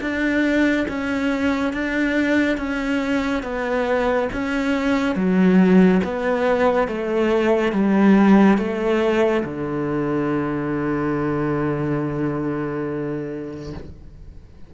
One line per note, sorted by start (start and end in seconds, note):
0.00 0.86 D4
0.88 1.73 C#4
1.73 2.57 D4
2.57 3.42 C#4
3.42 4.28 B3
4.32 5.15 C#4
5.15 6.00 F#3
6.03 6.87 B3
6.87 7.72 A3
7.72 8.57 G3
8.57 9.43 A3
9.44 13.73 D3